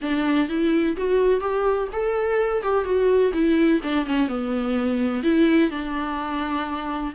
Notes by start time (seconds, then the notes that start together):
0.01 D4
0.48 E4
0.96 F#4
1.40 G4
1.92 A4
2.63 G4
2.84 F#4
3.33 E4
3.83 D4
4.05 C#4
4.28 B3
5.23 E4
5.70 D4